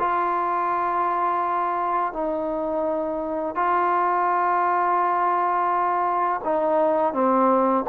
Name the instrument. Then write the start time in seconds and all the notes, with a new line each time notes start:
trombone
0.00 F4
2.14 D#4
3.56 F4
6.44 D#4
7.14 C4